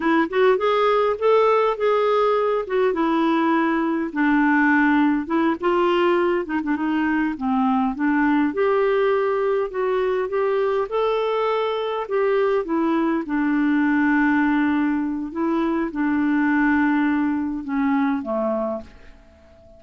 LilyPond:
\new Staff \with { instrumentName = "clarinet" } { \time 4/4 \tempo 4 = 102 e'8 fis'8 gis'4 a'4 gis'4~ | gis'8 fis'8 e'2 d'4~ | d'4 e'8 f'4. dis'16 d'16 dis'8~ | dis'8 c'4 d'4 g'4.~ |
g'8 fis'4 g'4 a'4.~ | a'8 g'4 e'4 d'4.~ | d'2 e'4 d'4~ | d'2 cis'4 a4 | }